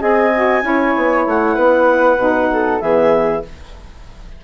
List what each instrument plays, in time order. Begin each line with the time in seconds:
0.00 bassoon C4, saxophone G#4, flute D#5, clarinet G#5
0.35 saxophone F#4
0.62 bassoon C#4, saxophone E4, flute C#5
0.97 bassoon B3
1.27 bassoon A3, clarinet F#5
1.55 bassoon B3, flute B4
2.17 bassoon B2, saxophone D#4
2.53 flute A4
2.81 bassoon E3, saxophone B3, flute G#4, clarinet E5